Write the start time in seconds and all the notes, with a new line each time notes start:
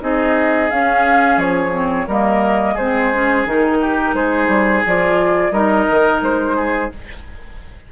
0.00 C4 D#4 G#4 D#5
0.70 C#4 F5
1.37 F3 C#5
1.72 C4
2.07 G3 A#3 A#4 D#5
2.74 G#3 C4 G#4 C5
3.13 C#4
3.45 D#3 D#4 A#4
3.80 G4
4.13 G#3 G#4 C5
4.48 G3
4.86 F3 F4 D5
5.51 G3 D#4 A#4 D#5
5.90 D#3
6.21 G#3 C5
6.56 G#4